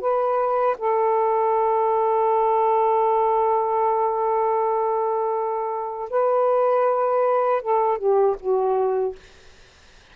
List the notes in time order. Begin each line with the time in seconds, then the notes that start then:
0.00 B4
0.78 A4
6.10 B4
7.62 A4
7.98 G4
8.40 F#4